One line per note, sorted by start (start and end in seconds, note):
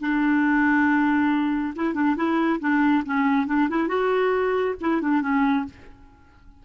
0.00 1.74 D4
1.75 1.94 E4
1.94 2.16 D4
2.16 2.59 E4
2.60 3.03 D4
3.05 3.47 C#4
3.47 3.68 D4
3.69 3.88 E4
3.88 4.75 F#4
4.81 5.01 E4
5.01 5.21 D4
5.21 5.65 C#4